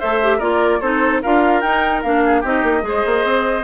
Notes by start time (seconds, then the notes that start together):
0.00 A3 A4 C5 E5
0.23 G4
0.38 A#3 F4 A#4 D5
0.81 C4 D#4 A4 C5
1.22 D4 F4 A#4 F5
1.61 D#4 G5
2.03 A#3 D4 F5
2.26 G#4
2.41 C4 D#4 G4 D#5
2.63 A#3
2.82 G#3 G#4
2.89 C5
3.06 A#3
3.25 C4